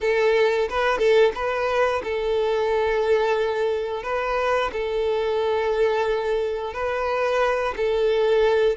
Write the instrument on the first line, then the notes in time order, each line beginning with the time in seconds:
violin
0.01 A4
0.69 B4
0.98 A4
1.34 B4
2.03 A4
4.03 B4
4.72 A4
6.73 B4
7.77 A4